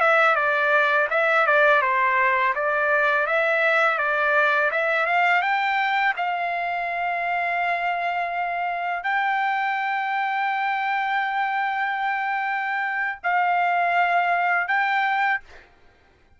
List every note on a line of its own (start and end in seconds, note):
0.00 0.35 E5
0.35 1.08 D5
1.10 1.46 E5
1.46 1.81 D5
1.81 2.54 C5
2.55 3.26 D5
3.26 3.98 E5
3.98 4.71 D5
4.72 5.06 E5
5.06 5.42 F5
5.42 6.14 G5
6.16 9.03 F5
9.03 13.19 G5
13.23 14.68 F5
14.68 15.40 G5